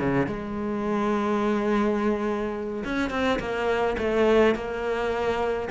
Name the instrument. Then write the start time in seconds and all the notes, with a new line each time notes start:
cello
0.00 C#3
0.27 G#3
2.85 C#4
3.11 C4
3.40 A#3
3.99 A3
4.55 A#3